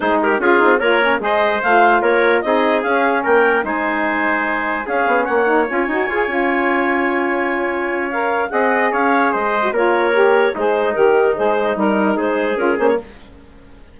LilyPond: <<
  \new Staff \with { instrumentName = "clarinet" } { \time 4/4 \tempo 4 = 148 c''8 ais'8 gis'4 cis''4 dis''4 | f''4 cis''4 dis''4 f''4 | g''4 gis''2. | f''4 fis''4 gis''2~ |
gis''1 | f''4 fis''4 f''4 dis''4 | cis''2 c''4 ais'4 | c''4 ais'4 c''4 ais'8 c''16 cis''16 | }
  \new Staff \with { instrumentName = "trumpet" } { \time 4/4 gis'8 g'8 f'4 ais'4 c''4~ | c''4 ais'4 gis'2 | ais'4 c''2. | gis'4 cis''2.~ |
cis''1~ | cis''4 dis''4 cis''4 c''4 | ais'2 dis'2~ | dis'2 gis'2 | }
  \new Staff \with { instrumentName = "saxophone" } { \time 4/4 dis'4 f'8 dis'8 f'8 cis'8 gis'4 | f'2 dis'4 cis'4~ | cis'4 dis'2. | cis'4. dis'8 f'8 fis'8 gis'8 f'8~ |
f'1 | ais'4 gis'2~ gis'8. fis'16 | f'4 g'4 gis'4 g'4 | gis'4 dis'2 f'8 cis'8 | }
  \new Staff \with { instrumentName = "bassoon" } { \time 4/4 gis4 cis'8 c'8 ais4 gis4 | a4 ais4 c'4 cis'4 | ais4 gis2. | cis'8 b8 ais4 cis'8 dis'8 f'8 cis'8~ |
cis'1~ | cis'4 c'4 cis'4 gis4 | ais2 gis4 dis4 | gis4 g4 gis4 cis'8 ais8 | }
>>